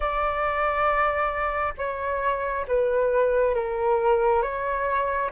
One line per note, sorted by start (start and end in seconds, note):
0.00 1.73 D5
1.77 2.66 C#5
2.67 3.55 B4
3.55 4.42 A#4
4.42 5.30 C#5